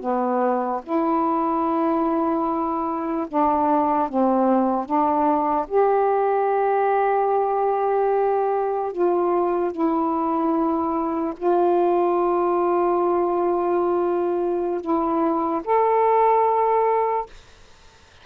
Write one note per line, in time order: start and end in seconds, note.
0.00 0.81 B3
0.83 3.26 E4
3.28 4.08 D4
4.08 4.85 C4
4.85 5.66 D4
5.68 8.92 G4
8.92 9.71 F4
9.71 11.34 E4
11.37 14.80 F4
14.80 15.62 E4
15.64 17.26 A4